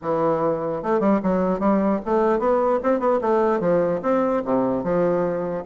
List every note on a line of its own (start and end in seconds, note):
0.02 0.82 E3
0.83 1.00 A3
1.00 1.20 G3
1.22 1.59 F#3
1.59 1.99 G3
2.05 2.39 A3
2.39 2.79 B3
2.83 2.99 C4
2.99 3.19 B3
3.21 3.60 A3
3.60 4.00 F3
4.02 4.42 C4
4.44 4.83 C3
4.83 5.64 F3